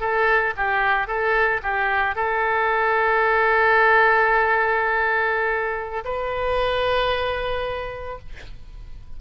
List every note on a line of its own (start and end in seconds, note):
0.00 0.54 A4
0.56 1.07 G4
1.07 1.61 A4
1.62 2.15 G4
2.15 6.03 A4
6.04 8.18 B4